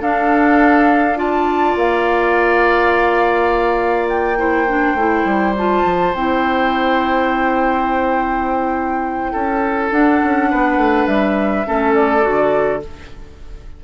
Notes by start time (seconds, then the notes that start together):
0.00 D4 A4 F5
1.15 F4 D5 A5
1.75 A#3 F5
4.08 G5
4.37 E4 C5
4.67 D4
4.94 A3 E4
5.24 G3
5.57 F4 A5
5.84 F3
6.14 C4 E4 G5
9.32 C#4 A4
9.91 D4 F#5
10.24 C#4
10.50 B3 B4
10.76 A3
11.06 G3 E5
11.66 A3 C#4 A4
11.94 D5
12.21 D3 F#4